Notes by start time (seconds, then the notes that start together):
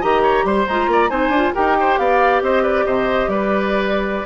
0.00 D#3 G4 D#5 A#5
0.22 C#5
0.44 G3 C5 C6
0.67 G#3 F4 A#5
0.87 A#3 D5
1.09 C4 D#4 C5 G#5
1.28 D4
1.35 F4
1.54 D#4 G4 A#4 G5
1.80 C5
1.98 B3 D5 F5
2.41 C4 C5 D#5
2.62 B4 D5
2.85 C3 C5 D#5
3.27 G3 B4 D5